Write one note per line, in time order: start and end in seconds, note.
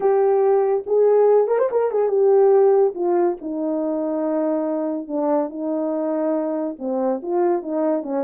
0.00 0.84 G4
0.86 1.47 G#4
1.47 1.58 A#4
1.58 1.69 C5
1.71 1.91 A#4
1.91 2.08 G#4
2.08 2.93 G4
2.95 3.37 F4
3.41 5.07 D#4
5.07 5.49 D4
5.49 6.76 D#4
6.78 7.21 C4
7.22 7.62 F4
7.62 8.02 D#4
8.02 8.24 C#4